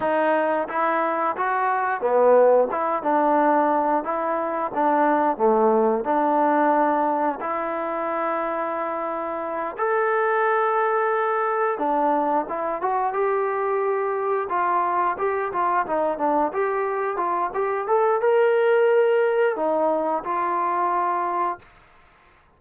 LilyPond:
\new Staff \with { instrumentName = "trombone" } { \time 4/4 \tempo 4 = 89 dis'4 e'4 fis'4 b4 | e'8 d'4. e'4 d'4 | a4 d'2 e'4~ | e'2~ e'8 a'4.~ |
a'4. d'4 e'8 fis'8 g'8~ | g'4. f'4 g'8 f'8 dis'8 | d'8 g'4 f'8 g'8 a'8 ais'4~ | ais'4 dis'4 f'2 | }